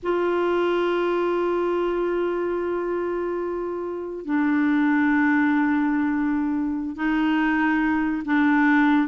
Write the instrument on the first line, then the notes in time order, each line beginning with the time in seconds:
clarinet
0.02 F4
4.25 D4
6.95 D#4
8.25 D4